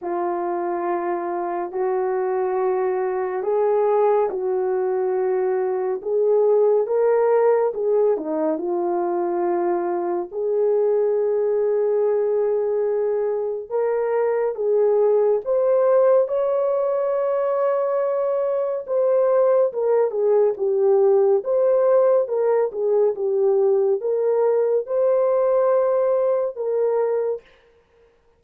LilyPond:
\new Staff \with { instrumentName = "horn" } { \time 4/4 \tempo 4 = 70 f'2 fis'2 | gis'4 fis'2 gis'4 | ais'4 gis'8 dis'8 f'2 | gis'1 |
ais'4 gis'4 c''4 cis''4~ | cis''2 c''4 ais'8 gis'8 | g'4 c''4 ais'8 gis'8 g'4 | ais'4 c''2 ais'4 | }